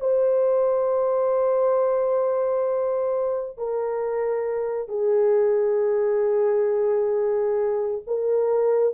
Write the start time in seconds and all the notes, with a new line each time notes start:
0.00 C5
3.57 A#4
4.88 G#4
8.07 A#4